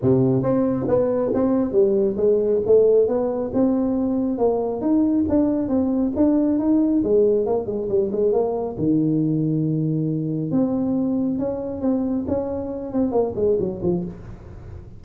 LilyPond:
\new Staff \with { instrumentName = "tuba" } { \time 4/4 \tempo 4 = 137 c4 c'4 b4 c'4 | g4 gis4 a4 b4 | c'2 ais4 dis'4 | d'4 c'4 d'4 dis'4 |
gis4 ais8 gis8 g8 gis8 ais4 | dis1 | c'2 cis'4 c'4 | cis'4. c'8 ais8 gis8 fis8 f8 | }